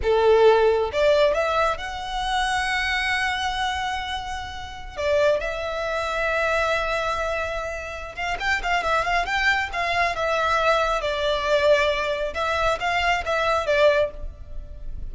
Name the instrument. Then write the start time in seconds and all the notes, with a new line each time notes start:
violin
0.02 A4
0.92 D5
1.34 E5
1.77 F#5
4.96 D5
5.40 E5
8.15 F5
8.39 G5
8.62 F5
8.83 E5
9.04 F5
9.25 G5
9.73 F5
10.15 E5
11.01 D5
12.34 E5
12.80 F5
13.25 E5
13.66 D5